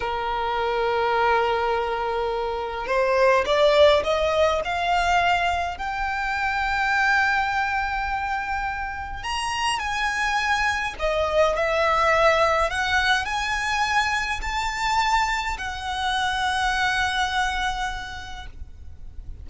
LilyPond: \new Staff \with { instrumentName = "violin" } { \time 4/4 \tempo 4 = 104 ais'1~ | ais'4 c''4 d''4 dis''4 | f''2 g''2~ | g''1 |
ais''4 gis''2 dis''4 | e''2 fis''4 gis''4~ | gis''4 a''2 fis''4~ | fis''1 | }